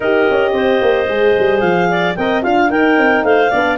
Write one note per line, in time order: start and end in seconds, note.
0.00 0.27 D#4
0.00 1.08 G4
0.00 0.51 A#4
0.00 1.59 D#5
0.30 0.53 C#4
0.53 0.80 C4
0.53 1.90 C5
0.81 1.07 A#3
1.07 1.34 G#3
1.07 2.16 G#4
1.38 1.61 G3
1.59 2.16 F3
1.59 2.14 F5
1.90 2.17 D5
2.15 2.44 C4
2.15 2.43 A#4
2.15 2.43 D#5
2.15 2.42 G5
2.43 2.70 D4
2.43 2.67 F4
2.43 2.70 F5
2.67 3.49 D#4
2.67 2.97 D#4
2.67 3.24 A#4
2.67 3.24 G5
2.97 3.23 C4
3.23 3.50 A3
3.23 3.50 C5
3.23 3.77 F5
3.50 3.77 B3
3.50 3.77 D4
3.50 3.77 D5